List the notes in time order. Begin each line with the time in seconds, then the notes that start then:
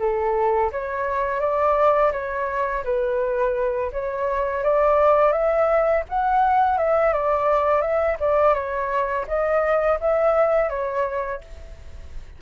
0.00 A4
0.72 C#5
1.41 D5
2.13 C#5
2.85 B4
3.93 C#5
4.64 D5
5.32 E5
6.09 F#5
6.78 E5
7.14 D5
7.82 E5
8.20 D5
8.55 C#5
9.28 D#5
10.00 E5
10.70 C#5